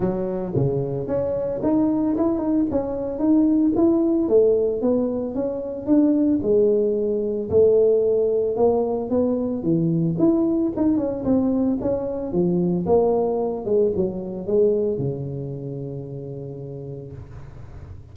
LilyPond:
\new Staff \with { instrumentName = "tuba" } { \time 4/4 \tempo 4 = 112 fis4 cis4 cis'4 dis'4 | e'8 dis'8 cis'4 dis'4 e'4 | a4 b4 cis'4 d'4 | gis2 a2 |
ais4 b4 e4 e'4 | dis'8 cis'8 c'4 cis'4 f4 | ais4. gis8 fis4 gis4 | cis1 | }